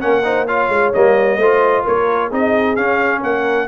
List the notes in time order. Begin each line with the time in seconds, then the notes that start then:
0.00 A#3 C#4 A#4 F#5
0.24 D#4 C5
0.47 F4 C#5 F5
0.69 G#3
0.93 G3 A#3 D#5
1.38 A3 F4 C5
1.84 A#3 A#4 C#5
2.27 C4 D#4 G#4 D#5
2.76 C#4 F5
3.20 A#3 A#4 F#5